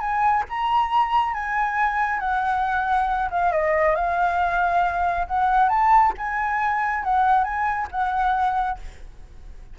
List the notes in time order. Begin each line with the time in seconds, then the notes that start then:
0.00 G#5
0.49 A#5
1.34 G#5
2.20 F#5
3.30 F5
3.52 D#5
3.95 F5
5.27 F#5
5.69 A5
6.18 G#5
7.04 F#5
7.44 G#5
7.92 F#5